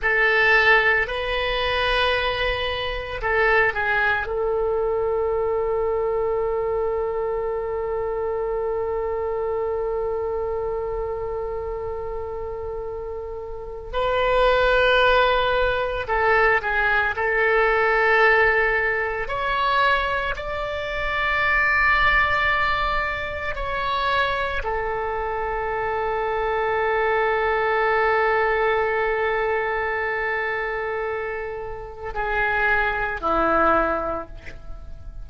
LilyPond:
\new Staff \with { instrumentName = "oboe" } { \time 4/4 \tempo 4 = 56 a'4 b'2 a'8 gis'8 | a'1~ | a'1~ | a'4 b'2 a'8 gis'8 |
a'2 cis''4 d''4~ | d''2 cis''4 a'4~ | a'1~ | a'2 gis'4 e'4 | }